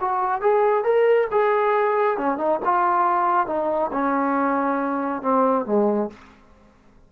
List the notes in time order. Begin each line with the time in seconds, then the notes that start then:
0.00 F#4
0.41 G#4
0.84 A#4
1.31 G#4
2.17 C#4
2.37 D#4
2.64 F4
3.47 D#4
3.92 C#4
5.22 C4
5.66 G#3